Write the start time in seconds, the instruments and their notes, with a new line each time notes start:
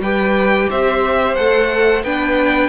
0.00 cello G3, viola G4, violin B4 G5
0.70 cello C4, violin C5 E5
1.35 cello A3, viola A4, violin F#5
2.04 cello B3, viola D4, violin B4 G5